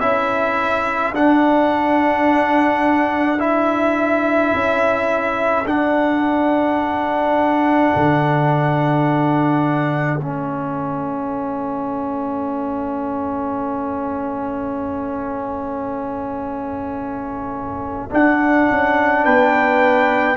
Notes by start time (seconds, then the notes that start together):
0.00 C#4 E4 A4 E5
1.13 D4 F#5
3.38 E4 E5
4.54 C#4
5.65 D4 F#5
7.96 D3
10.19 A3 C#4 E5
18.10 D4 F#5
18.70 C#4
19.24 B3 B4 G5